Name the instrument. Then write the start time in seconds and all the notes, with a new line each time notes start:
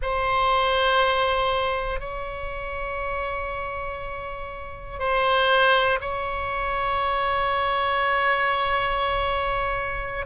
oboe
0.02 C5
2.00 C#5
4.99 C5
6.00 C#5